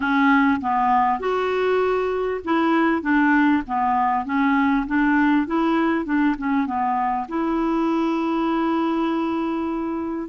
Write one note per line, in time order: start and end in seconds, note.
0.00 0.60 C#4
0.60 1.19 B3
1.19 2.40 F#4
2.44 3.02 E4
3.02 3.62 D4
3.67 4.25 B3
4.25 4.85 C#4
4.87 5.47 D4
5.47 6.05 E4
6.05 6.35 D4
6.38 6.66 C#4
6.66 7.27 B3
7.28 10.28 E4